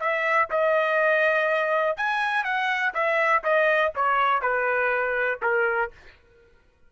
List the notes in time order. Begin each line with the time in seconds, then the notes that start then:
0.00 E5
0.51 D#5
1.97 G#5
2.44 F#5
2.94 E5
3.44 D#5
3.96 C#5
4.42 B4
5.42 A#4